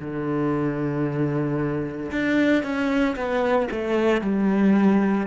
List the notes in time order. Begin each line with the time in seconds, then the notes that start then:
0.00 D3
2.11 D4
2.63 C#4
3.16 B3
3.71 A3
4.21 G3